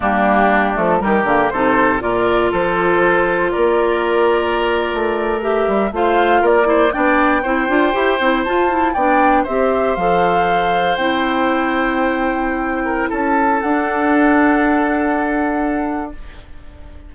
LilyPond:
<<
  \new Staff \with { instrumentName = "flute" } { \time 4/4 \tempo 4 = 119 g'4. a'8 ais'4 c''4 | d''4 c''2 d''4~ | d''2~ d''8. e''4 f''16~ | f''8. d''4 g''2~ g''16~ |
g''8. a''4 g''4 e''4 f''16~ | f''4.~ f''16 g''2~ g''16~ | g''2 a''4 fis''4~ | fis''1 | }
  \new Staff \with { instrumentName = "oboe" } { \time 4/4 d'2 g'4 a'4 | ais'4 a'2 ais'4~ | ais'2.~ ais'8. c''16~ | c''8. ais'8 c''8 d''4 c''4~ c''16~ |
c''4.~ c''16 d''4 c''4~ c''16~ | c''1~ | c''4. ais'8 a'2~ | a'1 | }
  \new Staff \with { instrumentName = "clarinet" } { \time 4/4 ais4. a8 g8 ais8 dis'4 | f'1~ | f'2~ f'8. g'4 f'16~ | f'4~ f'16 e'8 d'4 e'8 f'8 g'16~ |
g'16 e'8 f'8 e'8 d'4 g'4 a'16~ | a'4.~ a'16 e'2~ e'16~ | e'2. d'4~ | d'1 | }
  \new Staff \with { instrumentName = "bassoon" } { \time 4/4 g4. f8 dis8 d8 c4 | ais,4 f2 ais4~ | ais4.~ ais16 a4. g8 a16~ | a8. ais4 b4 c'8 d'8 e'16~ |
e'16 c'8 f'4 b4 c'4 f16~ | f4.~ f16 c'2~ c'16~ | c'2 cis'4 d'4~ | d'1 | }
>>